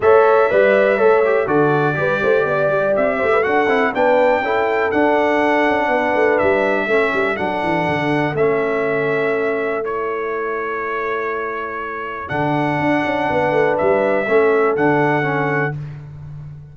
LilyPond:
<<
  \new Staff \with { instrumentName = "trumpet" } { \time 4/4 \tempo 4 = 122 e''2. d''4~ | d''2 e''4 fis''4 | g''2 fis''2~ | fis''4 e''2 fis''4~ |
fis''4 e''2. | cis''1~ | cis''4 fis''2. | e''2 fis''2 | }
  \new Staff \with { instrumentName = "horn" } { \time 4/4 cis''4 d''4 cis''4 a'4 | b'8 c''8 d''4. c''16 b'16 a'4 | b'4 a'2. | b'2 a'2~ |
a'1~ | a'1~ | a'2. b'4~ | b'4 a'2. | }
  \new Staff \with { instrumentName = "trombone" } { \time 4/4 a'4 b'4 a'8 g'8 fis'4 | g'2. fis'8 e'8 | d'4 e'4 d'2~ | d'2 cis'4 d'4~ |
d'4 cis'2. | e'1~ | e'4 d'2.~ | d'4 cis'4 d'4 cis'4 | }
  \new Staff \with { instrumentName = "tuba" } { \time 4/4 a4 g4 a4 d4 | g8 a8 b8 g8 c'8 a8 d'8 c'8 | b4 cis'4 d'4. cis'8 | b8 a8 g4 a8 g8 fis8 e8 |
d4 a2.~ | a1~ | a4 d4 d'8 cis'8 b8 a8 | g4 a4 d2 | }
>>